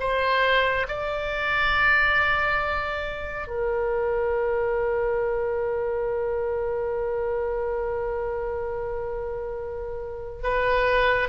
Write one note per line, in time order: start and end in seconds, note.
0.00 0.87 C5
0.89 3.48 D5
3.48 10.43 A#4
10.43 11.29 B4